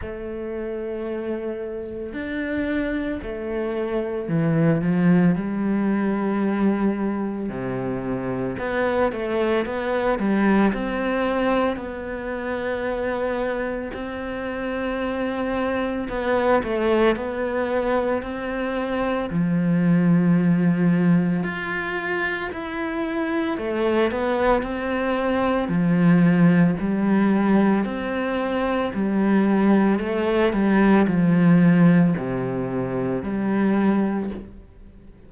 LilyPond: \new Staff \with { instrumentName = "cello" } { \time 4/4 \tempo 4 = 56 a2 d'4 a4 | e8 f8 g2 c4 | b8 a8 b8 g8 c'4 b4~ | b4 c'2 b8 a8 |
b4 c'4 f2 | f'4 e'4 a8 b8 c'4 | f4 g4 c'4 g4 | a8 g8 f4 c4 g4 | }